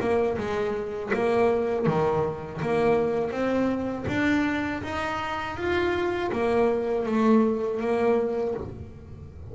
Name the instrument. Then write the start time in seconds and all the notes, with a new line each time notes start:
double bass
0.00 A#3
0.37 G#3
1.13 A#3
1.86 D#3
2.62 A#3
3.31 C4
4.08 D4
4.82 D#4
5.56 F4
6.32 A#3
7.06 A3
7.80 A#3